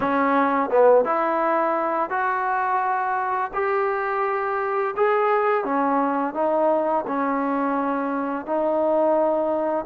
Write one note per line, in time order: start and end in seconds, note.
0.00 0.70 C#4
0.70 1.04 B3
1.04 2.10 E4
2.10 3.51 F#4
3.53 4.94 G4
4.96 5.64 G#4
5.64 6.34 C#4
6.34 7.04 D#4
7.07 8.45 C#4
8.45 9.85 D#4